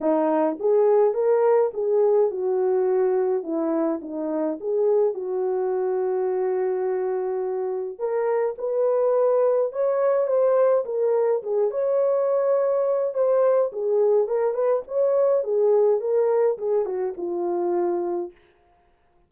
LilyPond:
\new Staff \with { instrumentName = "horn" } { \time 4/4 \tempo 4 = 105 dis'4 gis'4 ais'4 gis'4 | fis'2 e'4 dis'4 | gis'4 fis'2.~ | fis'2 ais'4 b'4~ |
b'4 cis''4 c''4 ais'4 | gis'8 cis''2~ cis''8 c''4 | gis'4 ais'8 b'8 cis''4 gis'4 | ais'4 gis'8 fis'8 f'2 | }